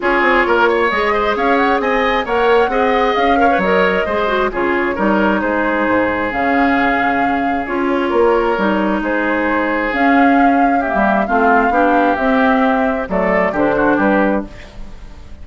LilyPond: <<
  \new Staff \with { instrumentName = "flute" } { \time 4/4 \tempo 4 = 133 cis''2 dis''4 f''8 fis''8 | gis''4 fis''2 f''4 | dis''2 cis''2 | c''2 f''2~ |
f''4 cis''2. | c''2 f''2 | e''4 f''2 e''4~ | e''4 d''4 c''4 b'4 | }
  \new Staff \with { instrumentName = "oboe" } { \time 4/4 gis'4 ais'8 cis''4 c''8 cis''4 | dis''4 cis''4 dis''4. cis''8~ | cis''4 c''4 gis'4 ais'4 | gis'1~ |
gis'2 ais'2 | gis'1 | g'4 f'4 g'2~ | g'4 a'4 g'8 fis'8 g'4 | }
  \new Staff \with { instrumentName = "clarinet" } { \time 4/4 f'2 gis'2~ | gis'4 ais'4 gis'4. ais'16 b'16 | ais'4 gis'8 fis'8 f'4 dis'4~ | dis'2 cis'2~ |
cis'4 f'2 dis'4~ | dis'2 cis'2 | ais4 c'4 d'4 c'4~ | c'4 a4 d'2 | }
  \new Staff \with { instrumentName = "bassoon" } { \time 4/4 cis'8 c'8 ais4 gis4 cis'4 | c'4 ais4 c'4 cis'4 | fis4 gis4 cis4 g4 | gis4 gis,4 cis2~ |
cis4 cis'4 ais4 g4 | gis2 cis'2~ | cis'16 g8. a4 b4 c'4~ | c'4 fis4 d4 g4 | }
>>